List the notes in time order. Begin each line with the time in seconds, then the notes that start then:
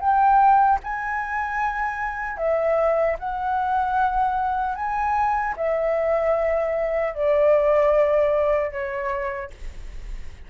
0.00 G5
0.83 G#5
2.37 E5
3.19 F#5
4.75 G#5
5.57 E5
7.14 D5
8.71 C#5